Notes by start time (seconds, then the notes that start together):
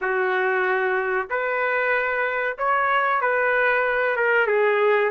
0.01 F#4
1.29 B4
2.58 C#5
3.21 B4
4.16 A#4
4.47 G#4